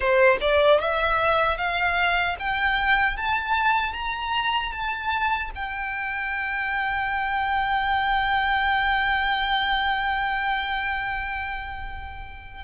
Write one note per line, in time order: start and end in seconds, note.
0.00 0.37 C5
0.41 0.80 D5
0.80 1.57 E5
1.57 2.36 F5
2.39 3.16 G5
3.16 3.93 A5
3.93 4.72 A#5
4.72 5.50 A5
5.55 12.64 G5